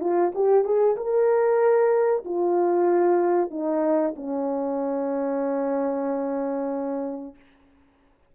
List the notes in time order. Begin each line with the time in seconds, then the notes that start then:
0.00 F4
0.34 G4
0.64 G#4
0.96 A#4
2.25 F4
3.50 D#4
4.16 C#4